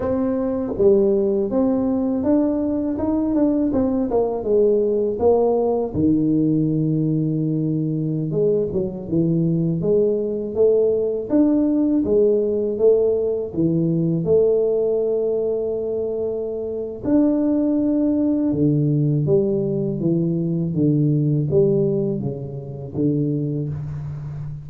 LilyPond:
\new Staff \with { instrumentName = "tuba" } { \time 4/4 \tempo 4 = 81 c'4 g4 c'4 d'4 | dis'8 d'8 c'8 ais8 gis4 ais4 | dis2.~ dis16 gis8 fis16~ | fis16 e4 gis4 a4 d'8.~ |
d'16 gis4 a4 e4 a8.~ | a2. d'4~ | d'4 d4 g4 e4 | d4 g4 cis4 d4 | }